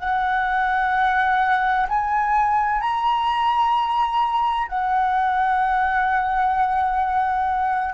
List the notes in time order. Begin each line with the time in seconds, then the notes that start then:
0.00 F#5
1.90 G#5
2.82 A#5
4.68 F#5